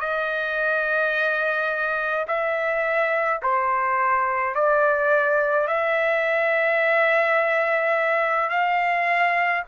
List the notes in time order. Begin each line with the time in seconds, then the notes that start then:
0.00 D#5
2.28 E5
3.42 C5
4.55 D5
5.68 E5
8.50 F5